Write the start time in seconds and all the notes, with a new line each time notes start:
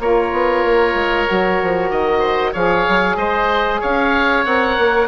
0.00 A#3 F4 A#4 C#5
0.32 B3
0.64 A#3
0.94 G#3
1.26 F#3 F#4
1.62 F3
1.90 D#3 D#5
2.19 C5
2.52 F3 G#4 C#5 F5
2.88 F#3
3.17 G#3 C5 D#5
3.80 C#4 C#5 F5
4.45 C4 A#4 F#5
4.79 A#3